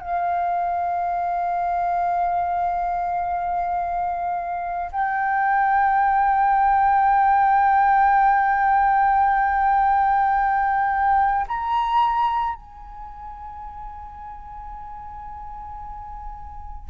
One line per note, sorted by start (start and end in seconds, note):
0.00 4.91 F5
4.92 11.46 G5
11.48 12.55 A#5
12.55 16.89 G#5